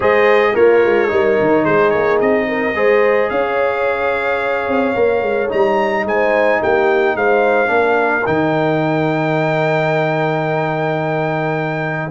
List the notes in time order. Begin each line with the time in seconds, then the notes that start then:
0.00 G#3 G#4 C5 D#5
0.54 A#3 F4 A#4 C#5
0.85 G#3
1.07 G3 D#4 A#4
1.40 D#3
1.62 G#3 G#4 C5
1.90 A#3 C#5
2.20 C4 D#5
2.48 A#4
2.74 G#3 G#4 C5
3.29 C#4 C#5 F5
4.67 C4
4.94 A#3 A#4
5.21 G#3
5.49 G3 D#4 A#5
6.04 G#3 C5 G#5
6.60 A#3 G4 G5
7.15 G#3 C5 F5
7.66 A#3 D4
7.73 A#4
8.25 D#3 D#4 G5